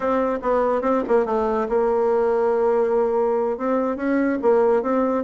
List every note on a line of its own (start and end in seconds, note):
0.00 0.38 C4
0.42 0.81 B3
0.81 1.02 C4
1.08 1.25 A#3
1.25 1.67 A3
1.68 3.57 A#3
3.57 3.96 C4
3.96 4.38 C#4
4.42 4.82 A#3
4.82 5.24 C4